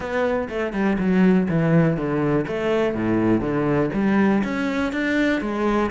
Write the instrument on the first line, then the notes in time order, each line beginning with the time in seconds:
cello
0.00 B3
0.49 A3
0.72 G3
0.99 F#3
1.48 E3
1.96 D3
2.47 A3
2.94 A2
3.41 D3
3.93 G3
4.44 C#4
4.92 D4
5.41 G#3